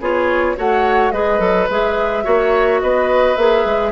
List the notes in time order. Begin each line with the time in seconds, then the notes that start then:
0.00 B3 F4 G#4 C#5
0.57 A3 F#4 C#5 F#5
1.12 G#3 G#4 B4 D#5
1.39 F#3 A4
1.69 G#3 G#4 E5
2.24 A#3 F#4 C#5
2.82 B3 B4 D#5
3.36 A#3 G#4 E5
3.65 G#3